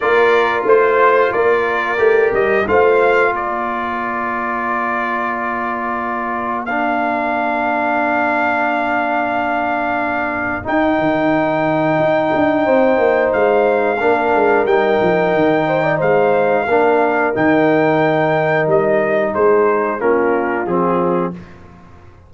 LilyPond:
<<
  \new Staff \with { instrumentName = "trumpet" } { \time 4/4 \tempo 4 = 90 d''4 c''4 d''4. dis''8 | f''4 d''2.~ | d''2 f''2~ | f''1 |
g''1 | f''2 g''2 | f''2 g''2 | dis''4 c''4 ais'4 gis'4 | }
  \new Staff \with { instrumentName = "horn" } { \time 4/4 ais'4 c''4 ais'2 | c''4 ais'2.~ | ais'1~ | ais'1~ |
ais'2. c''4~ | c''4 ais'2~ ais'8 c''16 d''16 | c''4 ais'2.~ | ais'4 gis'4 f'2 | }
  \new Staff \with { instrumentName = "trombone" } { \time 4/4 f'2. g'4 | f'1~ | f'2 d'2~ | d'1 |
dis'1~ | dis'4 d'4 dis'2~ | dis'4 d'4 dis'2~ | dis'2 cis'4 c'4 | }
  \new Staff \with { instrumentName = "tuba" } { \time 4/4 ais4 a4 ais4 a8 g8 | a4 ais2.~ | ais1~ | ais1 |
dis'8 dis4. dis'8 d'8 c'8 ais8 | gis4 ais8 gis8 g8 f8 dis4 | gis4 ais4 dis2 | g4 gis4 ais4 f4 | }
>>